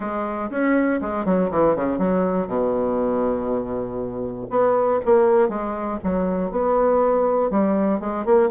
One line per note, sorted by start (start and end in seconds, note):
0.00 0.50 G#3
0.50 1.00 C#4
1.01 1.25 G#3
1.25 1.50 F#3
1.50 1.75 E3
1.75 1.98 C#3
1.98 2.47 F#3
2.47 4.47 B2
4.50 5.00 B3
5.05 5.49 A#3
5.49 5.99 G#3
6.03 6.51 F#3
6.51 7.50 B3
7.50 8.00 G3
8.00 8.25 G#3
8.25 8.50 A#3